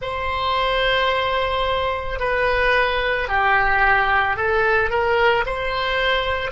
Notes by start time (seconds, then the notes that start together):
0.01 C5
2.19 B4
3.28 G4
4.36 A4
4.89 A#4
5.45 C5